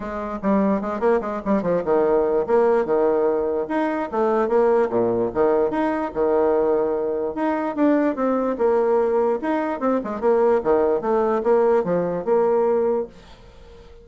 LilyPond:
\new Staff \with { instrumentName = "bassoon" } { \time 4/4 \tempo 4 = 147 gis4 g4 gis8 ais8 gis8 g8 | f8 dis4. ais4 dis4~ | dis4 dis'4 a4 ais4 | ais,4 dis4 dis'4 dis4~ |
dis2 dis'4 d'4 | c'4 ais2 dis'4 | c'8 gis8 ais4 dis4 a4 | ais4 f4 ais2 | }